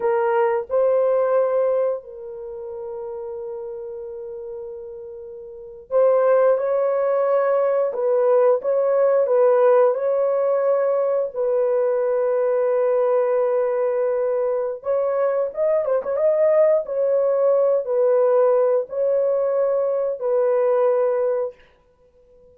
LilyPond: \new Staff \with { instrumentName = "horn" } { \time 4/4 \tempo 4 = 89 ais'4 c''2 ais'4~ | ais'1~ | ais'8. c''4 cis''2 b'16~ | b'8. cis''4 b'4 cis''4~ cis''16~ |
cis''8. b'2.~ b'16~ | b'2 cis''4 dis''8 c''16 cis''16 | dis''4 cis''4. b'4. | cis''2 b'2 | }